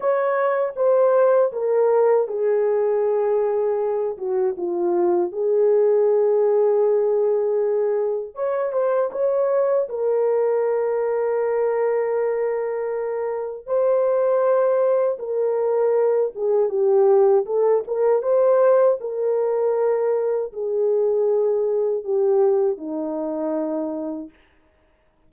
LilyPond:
\new Staff \with { instrumentName = "horn" } { \time 4/4 \tempo 4 = 79 cis''4 c''4 ais'4 gis'4~ | gis'4. fis'8 f'4 gis'4~ | gis'2. cis''8 c''8 | cis''4 ais'2.~ |
ais'2 c''2 | ais'4. gis'8 g'4 a'8 ais'8 | c''4 ais'2 gis'4~ | gis'4 g'4 dis'2 | }